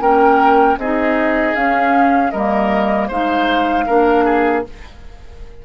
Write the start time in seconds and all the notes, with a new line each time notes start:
0.00 A#3 C#4 A#4 G5
0.77 C4 D#4 G#4 D#5
1.55 C#4 F5
2.30 G3 A#3 A#4 D#5
3.08 G#3 D#4 C5 F5
3.86 A#3 D4 A#4
4.25 G#4